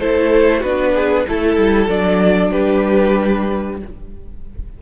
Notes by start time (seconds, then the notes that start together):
0.00 A3 E4 A4 C5
0.60 B3 D4 F#4 B4
0.95 G#4
1.28 A3 E4 A4
1.57 G3
1.88 F#3 D4 D5
2.51 G3 G4 B4